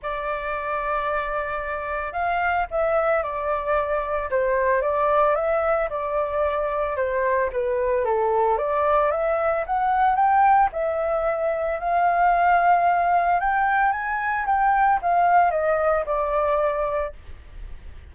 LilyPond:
\new Staff \with { instrumentName = "flute" } { \time 4/4 \tempo 4 = 112 d''1 | f''4 e''4 d''2 | c''4 d''4 e''4 d''4~ | d''4 c''4 b'4 a'4 |
d''4 e''4 fis''4 g''4 | e''2 f''2~ | f''4 g''4 gis''4 g''4 | f''4 dis''4 d''2 | }